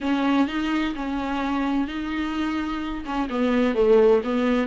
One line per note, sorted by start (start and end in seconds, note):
0.01 0.47 C#4
0.47 0.94 D#4
0.95 1.87 C#4
1.87 3.04 D#4
3.05 3.28 C#4
3.29 3.74 B3
3.74 4.21 A3
4.24 4.67 B3